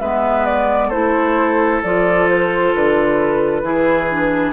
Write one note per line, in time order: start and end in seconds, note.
0.00 0.91 G#3
0.00 0.92 B3
0.00 0.88 B4
0.00 0.45 E5
0.45 0.90 D5
0.88 1.82 A3
0.88 1.83 E4
0.88 3.60 A4
0.88 1.81 C5
1.83 2.74 F3
1.83 3.64 F4
1.83 2.28 D5
2.29 2.74 C5
2.74 3.62 D3
2.74 4.53 B4
3.62 4.53 E3
3.62 4.09 E4
3.62 4.53 G#4
4.10 4.53 D4